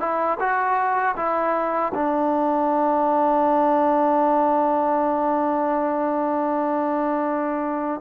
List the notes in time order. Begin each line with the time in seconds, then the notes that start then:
0.00 E4
0.39 F#4
1.16 E4
1.94 D4